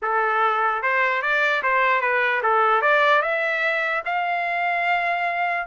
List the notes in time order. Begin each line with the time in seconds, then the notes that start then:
0.01 A4
0.82 C5
1.21 D5
1.62 C5
2.01 B4
2.43 A4
2.81 D5
3.22 E5
4.05 F5